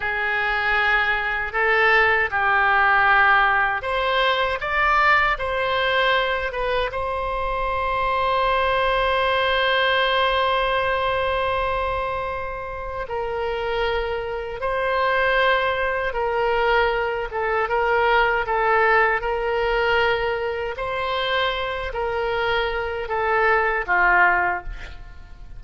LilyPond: \new Staff \with { instrumentName = "oboe" } { \time 4/4 \tempo 4 = 78 gis'2 a'4 g'4~ | g'4 c''4 d''4 c''4~ | c''8 b'8 c''2.~ | c''1~ |
c''4 ais'2 c''4~ | c''4 ais'4. a'8 ais'4 | a'4 ais'2 c''4~ | c''8 ais'4. a'4 f'4 | }